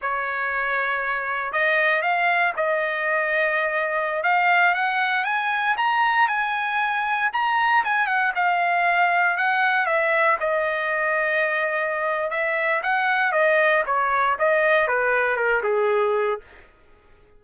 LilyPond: \new Staff \with { instrumentName = "trumpet" } { \time 4/4 \tempo 4 = 117 cis''2. dis''4 | f''4 dis''2.~ | dis''16 f''4 fis''4 gis''4 ais''8.~ | ais''16 gis''2 ais''4 gis''8 fis''16~ |
fis''16 f''2 fis''4 e''8.~ | e''16 dis''2.~ dis''8. | e''4 fis''4 dis''4 cis''4 | dis''4 b'4 ais'8 gis'4. | }